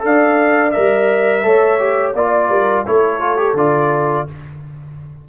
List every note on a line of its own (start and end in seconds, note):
0.00 0.75 D4
0.00 0.71 A4
0.00 0.72 F5
0.06 1.46 D5
0.72 1.45 G3
0.72 1.43 A#4
0.72 2.13 E5
1.43 2.14 A3
1.43 1.78 A4
1.43 2.16 C#5
1.79 2.15 G4
2.14 2.50 A#3
2.14 2.86 F4
2.14 2.50 D5
2.14 2.87 D5
2.50 2.85 G3
2.50 2.85 A#4
2.86 3.54 A3
2.86 3.20 E4
2.86 4.28 A4
2.86 3.58 C#5
3.20 3.37 F4
3.37 3.55 G4
3.54 4.24 D3
3.54 4.28 F4
3.54 4.29 D5